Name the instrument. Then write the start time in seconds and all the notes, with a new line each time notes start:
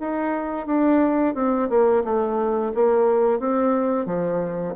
bassoon
0.00 D#4
0.66 D4
1.35 C4
1.69 A#3
2.04 A3
2.75 A#3
3.39 C4
4.06 F3